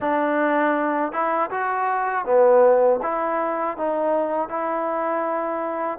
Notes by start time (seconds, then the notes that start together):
0.00 D4
1.12 E4
1.50 F#4
2.25 B3
3.02 E4
3.77 D#4
4.48 E4